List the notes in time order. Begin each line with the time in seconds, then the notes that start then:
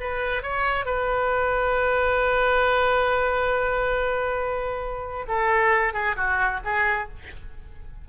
0.00 B4
0.43 C#5
0.85 B4
5.28 A4
5.94 G#4
6.16 F#4
6.65 G#4